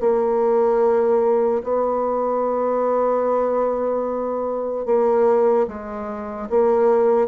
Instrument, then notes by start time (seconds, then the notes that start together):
bassoon
0.00 A#3
1.63 B3
4.85 A#3
5.67 G#3
6.49 A#3